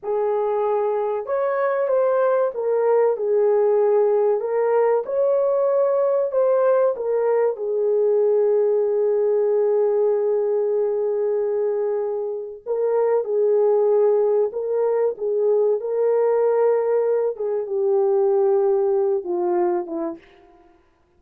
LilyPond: \new Staff \with { instrumentName = "horn" } { \time 4/4 \tempo 4 = 95 gis'2 cis''4 c''4 | ais'4 gis'2 ais'4 | cis''2 c''4 ais'4 | gis'1~ |
gis'1 | ais'4 gis'2 ais'4 | gis'4 ais'2~ ais'8 gis'8 | g'2~ g'8 f'4 e'8 | }